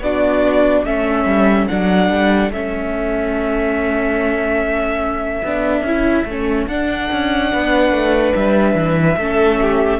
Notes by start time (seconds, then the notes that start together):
0.00 B3 D4 F#4 D5
0.84 A3 C#4 A4 E5
1.25 G3
1.67 F#3 D4 F#5
2.10 G3
2.50 A3 C#4 E5
5.43 B3 D4
5.81 C#4 E4
6.25 A3 C#4
6.67 D4 F#5
7.11 C#4
7.52 B3 B4
7.91 A3
8.35 G3 E5
8.74 E3
9.17 A3 C#4 A4
9.61 G4